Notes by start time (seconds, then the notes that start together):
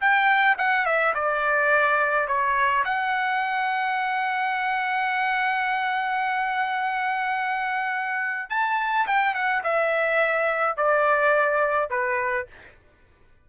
0.00 G5
0.58 F#5
0.85 E5
1.14 D5
2.27 C#5
2.85 F#5
8.49 A5
9.06 G5
9.34 F#5
9.63 E5
10.76 D5
11.90 B4